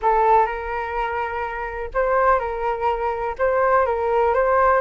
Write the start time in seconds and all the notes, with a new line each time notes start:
0.01 A4
0.46 A#4
1.93 C5
2.39 A#4
3.38 C5
3.86 A#4
4.34 C5